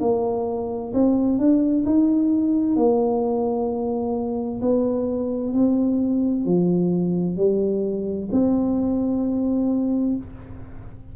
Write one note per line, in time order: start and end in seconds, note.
0.00 0.92 A#3
0.93 1.38 C4
1.38 1.84 D4
1.85 2.76 D#4
2.76 4.60 A#3
4.61 5.53 B3
5.53 6.45 C4
6.45 7.36 F3
7.36 8.29 G3
8.32 10.16 C4